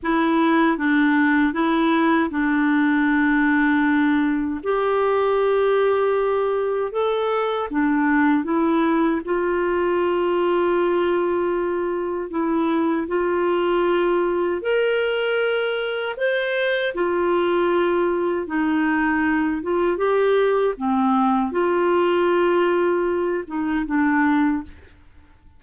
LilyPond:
\new Staff \with { instrumentName = "clarinet" } { \time 4/4 \tempo 4 = 78 e'4 d'4 e'4 d'4~ | d'2 g'2~ | g'4 a'4 d'4 e'4 | f'1 |
e'4 f'2 ais'4~ | ais'4 c''4 f'2 | dis'4. f'8 g'4 c'4 | f'2~ f'8 dis'8 d'4 | }